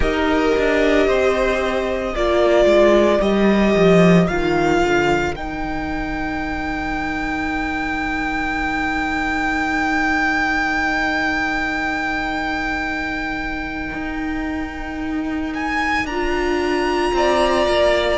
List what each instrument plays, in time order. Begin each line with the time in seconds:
0.00 cello D#4, viola G4, violin A#4 D#5
0.58 cello D4
1.07 cello C4, violin C5
2.12 cello A#3, viola F4, violin A#4 D5
2.65 cello G#3
3.21 cello G3, viola G4, violin D#5
3.75 cello F3
4.27 cello D#3, viola F4, violin F5
4.83 cello D3
5.35 cello D#3, viola D#4, violin G5
13.93 cello D#4
15.54 violin G#5
16.04 cello D4, viola F4, violin A#5
17.13 cello C4, violin D5
17.66 cello A#3